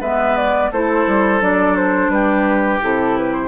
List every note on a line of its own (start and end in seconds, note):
0.00 0.70 G#3
0.00 0.71 B3
0.00 0.70 B4
0.00 0.36 E5
0.36 0.71 D5
0.71 1.06 A3
0.71 1.40 E4
0.71 2.11 A4
0.71 1.42 C5
1.06 1.41 G3
1.40 2.08 F#3
1.40 2.80 D4
1.40 1.76 D5
1.76 2.10 C5
2.08 2.78 G3
2.08 3.48 G4
2.08 2.80 B4
2.81 3.48 C3
2.81 3.48 E4
2.81 3.17 A4
3.17 3.33 B4
3.33 3.48 C5